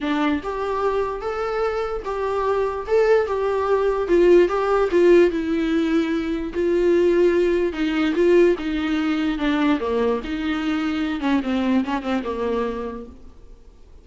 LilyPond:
\new Staff \with { instrumentName = "viola" } { \time 4/4 \tempo 4 = 147 d'4 g'2 a'4~ | a'4 g'2 a'4 | g'2 f'4 g'4 | f'4 e'2. |
f'2. dis'4 | f'4 dis'2 d'4 | ais4 dis'2~ dis'8 cis'8 | c'4 cis'8 c'8 ais2 | }